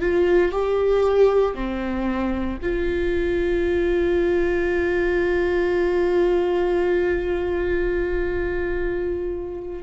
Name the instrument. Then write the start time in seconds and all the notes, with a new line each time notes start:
viola
0.00 F4
0.51 G4
1.54 C4
2.62 F4